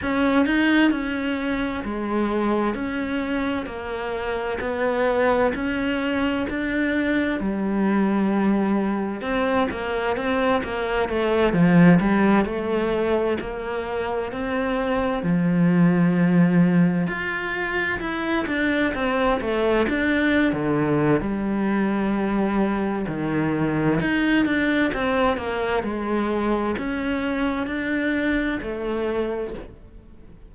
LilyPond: \new Staff \with { instrumentName = "cello" } { \time 4/4 \tempo 4 = 65 cis'8 dis'8 cis'4 gis4 cis'4 | ais4 b4 cis'4 d'4 | g2 c'8 ais8 c'8 ais8 | a8 f8 g8 a4 ais4 c'8~ |
c'8 f2 f'4 e'8 | d'8 c'8 a8 d'8. d8. g4~ | g4 dis4 dis'8 d'8 c'8 ais8 | gis4 cis'4 d'4 a4 | }